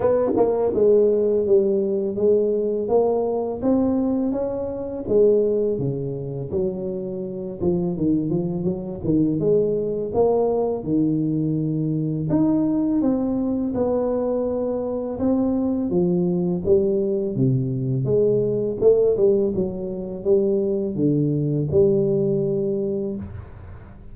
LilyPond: \new Staff \with { instrumentName = "tuba" } { \time 4/4 \tempo 4 = 83 b8 ais8 gis4 g4 gis4 | ais4 c'4 cis'4 gis4 | cis4 fis4. f8 dis8 f8 | fis8 dis8 gis4 ais4 dis4~ |
dis4 dis'4 c'4 b4~ | b4 c'4 f4 g4 | c4 gis4 a8 g8 fis4 | g4 d4 g2 | }